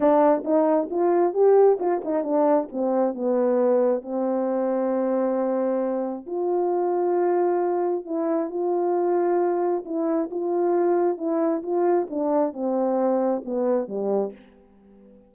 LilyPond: \new Staff \with { instrumentName = "horn" } { \time 4/4 \tempo 4 = 134 d'4 dis'4 f'4 g'4 | f'8 dis'8 d'4 c'4 b4~ | b4 c'2.~ | c'2 f'2~ |
f'2 e'4 f'4~ | f'2 e'4 f'4~ | f'4 e'4 f'4 d'4 | c'2 b4 g4 | }